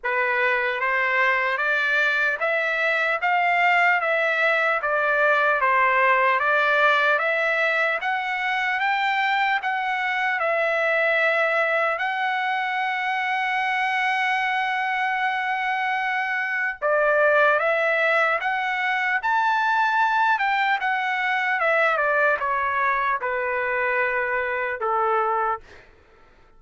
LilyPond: \new Staff \with { instrumentName = "trumpet" } { \time 4/4 \tempo 4 = 75 b'4 c''4 d''4 e''4 | f''4 e''4 d''4 c''4 | d''4 e''4 fis''4 g''4 | fis''4 e''2 fis''4~ |
fis''1~ | fis''4 d''4 e''4 fis''4 | a''4. g''8 fis''4 e''8 d''8 | cis''4 b'2 a'4 | }